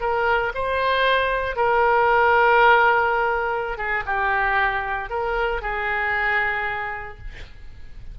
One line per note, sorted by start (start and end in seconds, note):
0.00 0.52 A#4
0.54 1.56 C5
1.56 3.77 A#4
3.77 4.03 G#4
4.06 5.09 G4
5.09 5.61 A#4
5.61 7.18 G#4